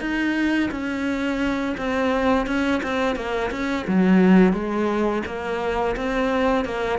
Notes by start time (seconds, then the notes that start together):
0.00 D#4
0.71 C#4
1.77 C4
2.46 C#4
2.83 C4
3.16 A#3
3.51 C#4
3.87 F#3
4.53 G#3
5.26 A#3
5.96 C4
6.65 A#3